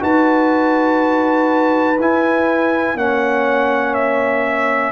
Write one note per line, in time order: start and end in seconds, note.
0.00 1.98 D#4
0.00 1.97 F#4
0.00 2.97 B4
0.00 2.00 A5
1.98 2.95 E4
1.98 2.98 E4
1.98 2.98 G#5
2.95 4.92 A#3
2.95 4.92 C#4
2.95 4.92 C#5
2.95 3.94 F#5
3.94 4.92 E5